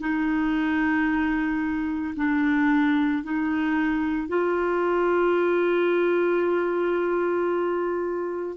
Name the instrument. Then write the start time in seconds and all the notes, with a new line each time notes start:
clarinet
0.00 D#4
2.16 D4
3.23 D#4
4.28 F4